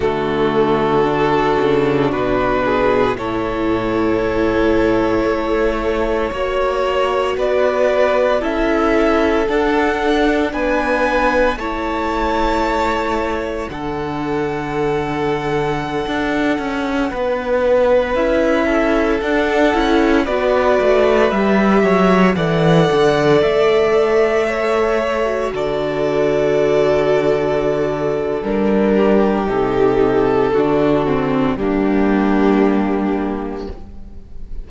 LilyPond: <<
  \new Staff \with { instrumentName = "violin" } { \time 4/4 \tempo 4 = 57 a'2 b'4 cis''4~ | cis''2. d''4 | e''4 fis''4 gis''4 a''4~ | a''4 fis''2.~ |
fis''4~ fis''16 e''4 fis''4 d''8.~ | d''16 e''4 fis''4 e''4.~ e''16~ | e''16 d''2~ d''8. ais'4 | a'2 g'2 | }
  \new Staff \with { instrumentName = "violin" } { \time 4/4 fis'2~ fis'8 gis'8 a'4~ | a'2 cis''4 b'4 | a'2 b'4 cis''4~ | cis''4 a'2.~ |
a'16 b'4. a'4. b'8.~ | b'8. cis''8 d''2 cis''8.~ | cis''16 a'2.~ a'16 g'8~ | g'4 fis'4 d'2 | }
  \new Staff \with { instrumentName = "viola" } { \time 4/4 a4 d'2 e'4~ | e'2 fis'2 | e'4 d'2 e'4~ | e'4 d'2.~ |
d'4~ d'16 e'4 d'8 e'8 fis'8.~ | fis'16 g'4 a'2~ a'8. | fis'2. d'4 | dis'4 d'8 c'8 ais2 | }
  \new Staff \with { instrumentName = "cello" } { \time 4/4 d4. cis8 b,4 a,4~ | a,4 a4 ais4 b4 | cis'4 d'4 b4 a4~ | a4 d2~ d16 d'8 cis'16~ |
cis'16 b4 cis'4 d'8 cis'8 b8 a16~ | a16 g8 fis8 e8 d8 a4.~ a16~ | a16 d2~ d8. g4 | c4 d4 g2 | }
>>